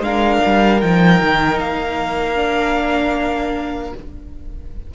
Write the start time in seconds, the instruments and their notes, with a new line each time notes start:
0.00 cello G#3, viola D4, violin A#4 F5
0.46 cello G3
0.80 cello F3, viola D#4, violin G5
1.21 cello D#3
1.59 cello A#3, violin F5
2.34 viola D4